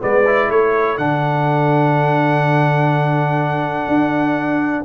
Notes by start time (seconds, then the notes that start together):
0.00 G#3 B3 B4 D5
0.26 E4
0.49 A3 A4 C#5
0.97 D3 D4 F#5
3.87 D4